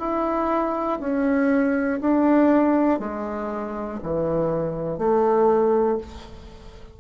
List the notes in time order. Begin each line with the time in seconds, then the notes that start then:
0.00 E4
1.01 C#4
2.01 D4
3.00 G#3
4.04 E3
4.99 A3